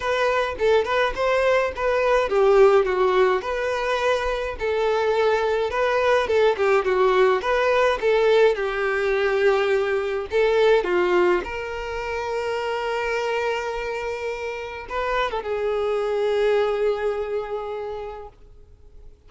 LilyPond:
\new Staff \with { instrumentName = "violin" } { \time 4/4 \tempo 4 = 105 b'4 a'8 b'8 c''4 b'4 | g'4 fis'4 b'2 | a'2 b'4 a'8 g'8 | fis'4 b'4 a'4 g'4~ |
g'2 a'4 f'4 | ais'1~ | ais'2 b'8. a'16 gis'4~ | gis'1 | }